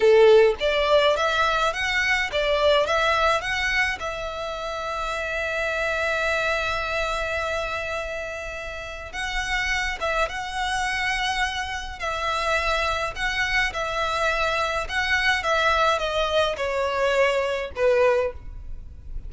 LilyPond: \new Staff \with { instrumentName = "violin" } { \time 4/4 \tempo 4 = 105 a'4 d''4 e''4 fis''4 | d''4 e''4 fis''4 e''4~ | e''1~ | e''1 |
fis''4. e''8 fis''2~ | fis''4 e''2 fis''4 | e''2 fis''4 e''4 | dis''4 cis''2 b'4 | }